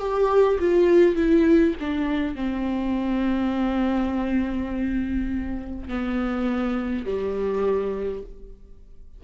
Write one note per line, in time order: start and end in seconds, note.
0.00 0.59 G4
0.59 1.16 F4
1.16 1.75 E4
1.80 2.36 D4
2.36 5.88 C4
5.88 7.06 B3
7.06 8.24 G3